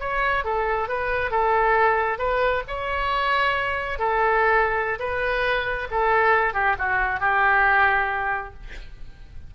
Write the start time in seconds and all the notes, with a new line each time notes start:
0.00 C#5
0.44 A4
0.88 B4
1.31 A4
2.18 B4
2.68 C#5
3.99 A4
4.99 B4
5.91 A4
6.54 G4
6.78 F#4
7.20 G4